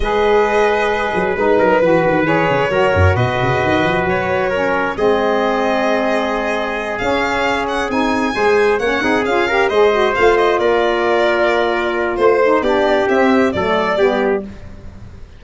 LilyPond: <<
  \new Staff \with { instrumentName = "violin" } { \time 4/4 \tempo 4 = 133 dis''2. b'4~ | b'4 cis''2 dis''4~ | dis''4 cis''2 dis''4~ | dis''2.~ dis''8 f''8~ |
f''4 fis''8 gis''2 fis''8~ | fis''8 f''4 dis''4 f''8 dis''8 d''8~ | d''2. c''4 | d''4 e''4 d''2 | }
  \new Staff \with { instrumentName = "trumpet" } { \time 4/4 b'2.~ b'8 ais'8 | b'2 ais'4 b'4~ | b'2 ais'4 gis'4~ | gis'1~ |
gis'2~ gis'8 c''4 cis''8 | gis'4 ais'8 c''2 ais'8~ | ais'2. c''4 | g'2 a'4 g'4 | }
  \new Staff \with { instrumentName = "saxophone" } { \time 4/4 gis'2. dis'4 | fis'4 gis'4 fis'2~ | fis'2 cis'4 c'4~ | c'2.~ c'8 cis'8~ |
cis'4. dis'4 gis'4 cis'8 | dis'8 f'8 g'8 gis'8 fis'8 f'4.~ | f'2.~ f'8 dis'8 | d'4 c'4 a4 b4 | }
  \new Staff \with { instrumentName = "tuba" } { \time 4/4 gis2~ gis8 fis8 gis8 fis8 | e8 dis8 e8 cis8 fis8 fis,8 b,8 cis8 | dis8 f8 fis2 gis4~ | gis2.~ gis8 cis'8~ |
cis'4. c'4 gis4 ais8 | c'8 cis'4 gis4 a4 ais8~ | ais2. a4 | b4 c'4 fis4 g4 | }
>>